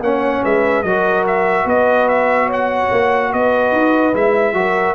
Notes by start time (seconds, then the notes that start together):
0.00 A#3 C#4 C#5 F#5
0.43 G#3 B4 E5
0.83 F#3 F#4 A#4 D#5
1.27 E5
1.64 B3 B4 D#5
2.08 E5
2.46 C#5
2.52 F#5
2.91 A#3
3.32 B3 B4 D#5
3.72 D#4
4.13 G#3 E4 E5
4.53 F#3 F#4 A#4